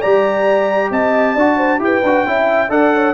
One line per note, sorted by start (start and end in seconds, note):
0.00 0.91 G3
0.00 1.37 G4
0.00 0.90 D5
0.00 0.91 A#5
0.91 1.36 C4
0.91 1.34 D#5
0.91 1.82 A5
1.34 1.80 D4
1.34 1.80 F#4
1.34 1.57 D5
1.57 1.80 C5
1.80 2.02 E4
1.80 2.02 G4
1.80 2.28 B4
1.80 2.71 G5
2.04 2.26 D4
2.04 2.27 F#4
2.26 2.69 C#4
2.26 2.70 E4
2.26 2.72 E5
2.69 3.14 D4
2.69 3.14 A4
2.69 2.94 D5
2.69 3.14 F#5
2.95 3.14 C#5